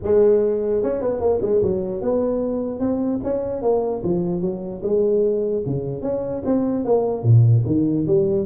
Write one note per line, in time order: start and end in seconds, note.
0.02 0.83 G#3
0.83 1.01 C#4
1.01 1.20 B3
1.20 1.40 A#3
1.41 1.61 G#3
1.62 2.01 F#3
2.01 2.79 B3
2.79 3.19 C4
3.23 3.62 C#4
3.62 4.02 A#3
4.03 4.41 F3
4.41 4.81 F#3
4.82 5.63 G#3
5.66 6.02 C#3
6.02 6.42 C#4
6.45 6.84 C4
6.84 7.23 A#3
7.23 7.63 A#2
7.66 8.06 D#3
8.07 8.45 G3